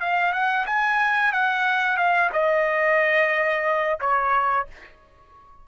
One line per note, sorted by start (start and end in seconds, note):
0.00 0.32 F5
0.32 0.66 F#5
0.66 1.32 G#5
1.32 1.97 F#5
1.97 2.30 F5
2.32 3.99 D#5
4.00 4.67 C#5